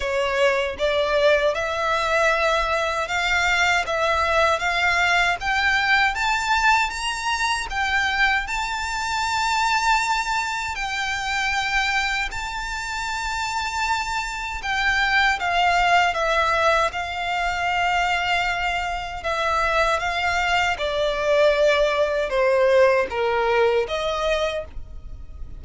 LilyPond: \new Staff \with { instrumentName = "violin" } { \time 4/4 \tempo 4 = 78 cis''4 d''4 e''2 | f''4 e''4 f''4 g''4 | a''4 ais''4 g''4 a''4~ | a''2 g''2 |
a''2. g''4 | f''4 e''4 f''2~ | f''4 e''4 f''4 d''4~ | d''4 c''4 ais'4 dis''4 | }